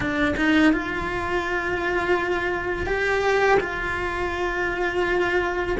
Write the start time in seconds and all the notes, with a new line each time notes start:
0.00 D4
0.36 D#4
0.72 F4
2.86 G4
3.59 F4